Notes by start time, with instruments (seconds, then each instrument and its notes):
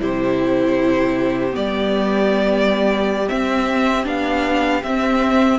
0.00 cello C3, viola E4, violin G4 C5
1.52 cello G3, viola B3, violin D5
3.29 viola C4, cello C4, violin E5
4.04 cello B3, viola D4, violin F5
4.83 cello C4, viola C4, violin E5